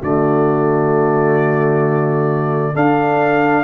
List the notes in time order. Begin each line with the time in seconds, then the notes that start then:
0.00 D3 A3 F#4 D5
2.73 D4 A4 F5